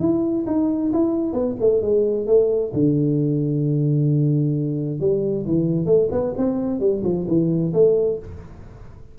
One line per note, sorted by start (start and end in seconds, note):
0.00 0.45 E4
0.47 0.92 D#4
0.93 1.33 E4
1.33 1.56 B3
1.60 1.82 A3
1.82 2.27 G#3
2.27 2.73 A3
2.74 5.00 D3
5.00 5.46 G3
5.46 5.86 E3
5.86 6.09 A3
6.12 6.35 B3
6.37 6.80 C4
6.80 7.03 G3
7.04 7.27 F3
7.28 7.73 E3
7.74 8.19 A3